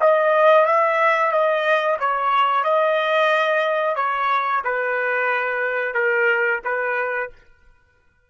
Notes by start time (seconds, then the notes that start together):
0.00 D#5
0.66 E5
1.32 D#5
1.99 C#5
2.64 D#5
3.96 C#5
4.64 B4
5.94 A#4
6.64 B4